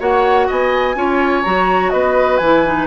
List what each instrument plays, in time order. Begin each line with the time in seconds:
0.00 bassoon A#3, clarinet F#4, oboe C#5, flute F#5
0.48 bassoon B3, oboe D#5, flute G#5
0.96 bassoon C#4, clarinet F4, oboe C#5
1.44 bassoon F#3, clarinet F#4, flute A#5
1.90 bassoon B3, oboe B4, flute D#5
2.38 bassoon E3, clarinet E4, flute G#5
2.66 clarinet D#4